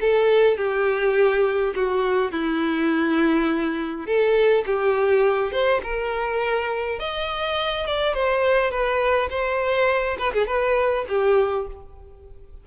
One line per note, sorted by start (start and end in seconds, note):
0.00 0.57 A4
0.57 1.73 G4
1.75 2.31 F#4
2.31 4.06 E4
4.06 4.64 A4
4.65 5.52 G4
5.52 5.81 C5
5.83 6.99 A#4
6.99 7.86 D#5
7.86 8.14 D5
8.14 8.70 C5
8.70 9.29 B4
9.30 10.17 C5
10.18 10.33 B4
10.33 10.46 G#4
10.46 11.05 B4
11.08 11.67 G4